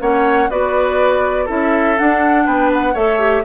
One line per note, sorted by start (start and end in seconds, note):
0.00 0.50 A#3
0.00 0.49 C#4
0.00 0.50 C#5
0.00 0.50 F#5
0.50 1.49 B3
0.50 1.47 F#4
0.50 1.45 B4
0.50 1.48 D5
1.45 1.99 C#4
1.45 1.97 E4
1.45 2.44 A4
1.45 1.98 E5
1.98 2.95 D4
1.98 2.46 D4
1.98 2.47 F#5
2.46 2.95 B3
2.46 2.94 B4
2.46 2.71 G5
2.73 2.96 F#5
2.94 3.44 A3
2.94 3.19 A4
2.94 3.43 C#5
2.94 3.45 E5
3.19 3.43 G4